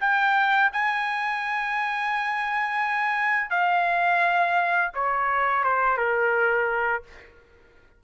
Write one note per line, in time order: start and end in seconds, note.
0.00 0.71 G5
0.73 3.50 G#5
3.50 4.91 F5
4.94 5.64 C#5
5.64 5.97 C5
5.97 7.03 A#4